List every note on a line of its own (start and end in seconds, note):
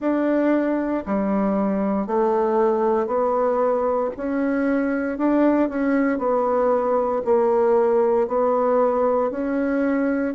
0.00 1.03 D4
1.06 2.06 G3
2.06 3.07 A3
3.07 4.10 B3
4.17 5.18 C#4
5.18 5.69 D4
5.69 6.18 C#4
6.18 7.21 B3
7.24 8.28 A#3
8.28 9.31 B3
9.31 10.34 C#4